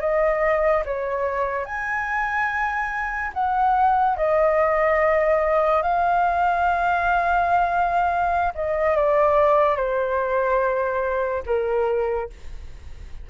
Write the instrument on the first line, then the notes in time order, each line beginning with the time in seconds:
flute
0.00 D#5
0.85 C#5
1.65 G#5
3.33 F#5
4.17 D#5
5.83 F5
8.55 D#5
8.96 D5
9.76 C5
11.46 A#4